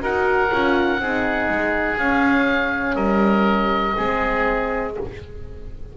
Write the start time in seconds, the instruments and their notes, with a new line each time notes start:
0.00 double bass D#4, horn F#4, oboe A#4 F#5
0.52 double bass C#4, horn F4
0.99 double bass C4, horn D#4, oboe G#4
1.48 double bass G#3
1.97 double bass C#4, horn C#4, oboe F5
2.95 double bass G3, oboe A#4 D#5
3.95 double bass G#3, horn C4, oboe G#4